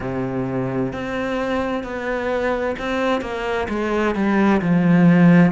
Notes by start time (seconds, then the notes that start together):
0.00 C3
0.92 C4
1.83 B3
2.79 C4
3.21 A#3
3.68 G#3
4.15 G3
4.62 F3